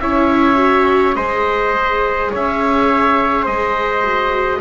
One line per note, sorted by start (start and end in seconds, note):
0.00 1.15 C#4
0.00 0.56 E4
0.00 1.16 C#5
0.00 1.15 E5
0.56 1.13 F#4
1.15 2.31 G#3
1.15 4.03 G#4
1.15 2.31 C5
1.15 2.31 D#5
2.32 3.47 C#4
2.32 3.43 C#5
2.32 3.46 E5
3.43 4.61 G#3
3.43 4.58 C5
3.43 4.61 D#5
4.03 4.61 F#4